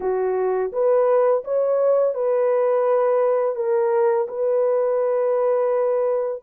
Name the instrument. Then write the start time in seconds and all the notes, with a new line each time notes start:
horn
0.00 F#4
0.72 B4
1.44 C#5
2.14 B4
3.55 A#4
4.28 B4